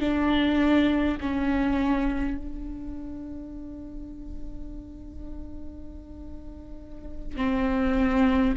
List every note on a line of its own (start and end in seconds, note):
0.00 1.18 D4
1.21 2.38 C#4
2.38 7.37 D4
7.37 8.55 C4